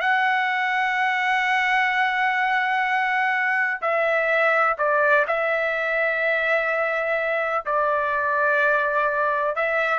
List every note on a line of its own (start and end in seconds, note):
0.00 3.81 F#5
3.81 4.77 E5
4.77 5.25 D5
5.27 7.65 E5
7.66 9.55 D5
9.55 9.99 E5